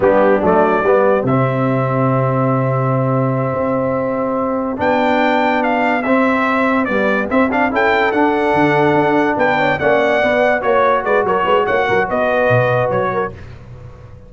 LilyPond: <<
  \new Staff \with { instrumentName = "trumpet" } { \time 4/4 \tempo 4 = 144 g'4 d''2 e''4~ | e''1~ | e''2.~ e''8 g''8~ | g''4. f''4 e''4.~ |
e''8 d''4 e''8 f''8 g''4 fis''8~ | fis''2~ fis''8 g''4 fis''8~ | fis''4. cis''4 d''8 cis''4 | fis''4 dis''2 cis''4 | }
  \new Staff \with { instrumentName = "horn" } { \time 4/4 d'2 g'2~ | g'1~ | g'1~ | g'1~ |
g'2~ g'8 a'4.~ | a'2~ a'8 b'8 cis''8 d''8~ | d''4. cis''4 b'8 ais'8 b'8 | cis''8 ais'8 b'2~ b'8 ais'8 | }
  \new Staff \with { instrumentName = "trombone" } { \time 4/4 b4 a4 b4 c'4~ | c'1~ | c'2.~ c'8 d'8~ | d'2~ d'8 c'4.~ |
c'8 g4 c'8 d'8 e'4 d'8~ | d'2.~ d'8 cis'8~ | cis'8 b4 fis'2~ fis'8~ | fis'1 | }
  \new Staff \with { instrumentName = "tuba" } { \time 4/4 g4 fis4 g4 c4~ | c1~ | c8 c'2. b8~ | b2~ b8 c'4.~ |
c'8 b4 c'4 cis'4 d'8~ | d'8 d4 d'4 b4 ais8~ | ais8 b4 ais4 gis8 fis8 gis8 | ais8 fis8 b4 b,4 fis4 | }
>>